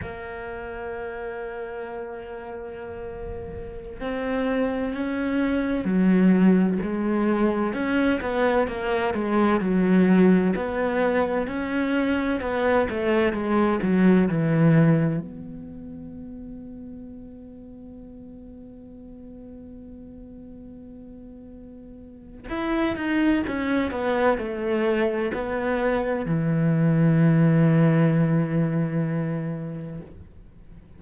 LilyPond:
\new Staff \with { instrumentName = "cello" } { \time 4/4 \tempo 4 = 64 ais1~ | ais16 c'4 cis'4 fis4 gis8.~ | gis16 cis'8 b8 ais8 gis8 fis4 b8.~ | b16 cis'4 b8 a8 gis8 fis8 e8.~ |
e16 b2.~ b8.~ | b1 | e'8 dis'8 cis'8 b8 a4 b4 | e1 | }